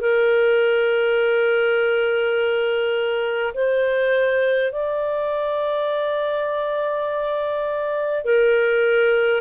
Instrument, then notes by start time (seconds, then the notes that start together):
clarinet
0.00 A#4
3.54 C5
4.72 D5
8.25 A#4